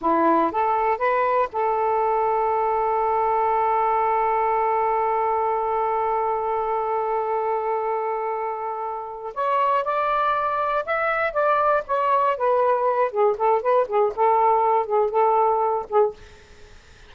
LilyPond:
\new Staff \with { instrumentName = "saxophone" } { \time 4/4 \tempo 4 = 119 e'4 a'4 b'4 a'4~ | a'1~ | a'1~ | a'1~ |
a'2~ a'8 cis''4 d''8~ | d''4. e''4 d''4 cis''8~ | cis''8 b'4. gis'8 a'8 b'8 gis'8 | a'4. gis'8 a'4. gis'8 | }